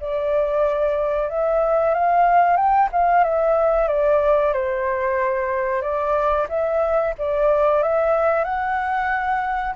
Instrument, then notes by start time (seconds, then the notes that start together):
flute
0.00 D5
1.29 E5
1.94 F5
2.56 G5
2.92 F5
3.23 E5
3.87 D5
4.53 C5
5.82 D5
6.49 E5
7.18 D5
7.83 E5
8.44 F#5